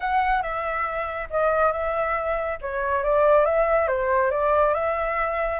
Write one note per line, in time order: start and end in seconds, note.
0.00 0.42 F#5
0.42 1.28 E5
1.29 1.72 D#5
1.72 2.58 E5
2.61 3.03 C#5
3.03 3.45 D5
3.45 3.87 E5
3.87 4.30 C5
4.30 4.73 D5
4.74 5.60 E5